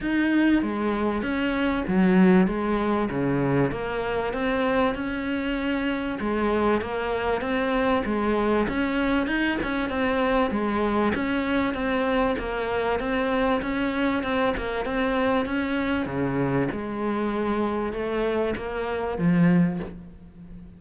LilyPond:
\new Staff \with { instrumentName = "cello" } { \time 4/4 \tempo 4 = 97 dis'4 gis4 cis'4 fis4 | gis4 cis4 ais4 c'4 | cis'2 gis4 ais4 | c'4 gis4 cis'4 dis'8 cis'8 |
c'4 gis4 cis'4 c'4 | ais4 c'4 cis'4 c'8 ais8 | c'4 cis'4 cis4 gis4~ | gis4 a4 ais4 f4 | }